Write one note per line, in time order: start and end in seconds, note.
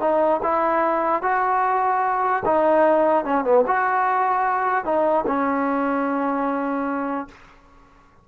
0.00 0.40 D#4
0.43 1.22 E4
1.22 2.43 F#4
2.45 3.25 D#4
3.25 3.44 C#4
3.44 3.64 B3
3.67 4.84 F#4
4.84 5.25 D#4
5.27 7.28 C#4